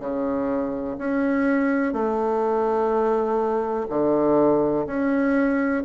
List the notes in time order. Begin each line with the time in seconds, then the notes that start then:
0.00 C#3
0.99 C#4
1.93 A3
3.89 D3
4.87 C#4